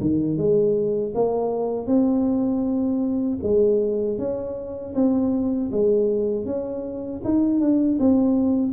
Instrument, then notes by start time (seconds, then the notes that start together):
tuba
0.00 D#3
0.37 G#3
1.14 A#3
1.86 C4
3.42 G#3
4.18 C#4
4.94 C4
5.71 G#3
6.45 C#4
7.24 D#4
7.60 D4
7.99 C4